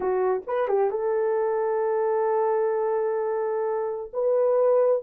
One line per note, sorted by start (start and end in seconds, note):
0.00 0.41 F#4
0.46 0.68 B4
0.68 0.90 G4
0.90 4.11 A4
4.13 5.03 B4